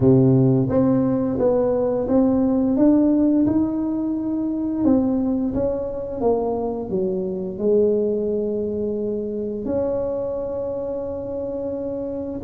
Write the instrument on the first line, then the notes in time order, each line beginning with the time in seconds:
tuba
0.00 C3
0.69 C4
1.38 B3
2.08 C4
2.76 D4
3.46 D#4
4.84 C4
5.54 C#4
6.20 A#3
6.89 F#3
7.58 G#3
9.65 C#4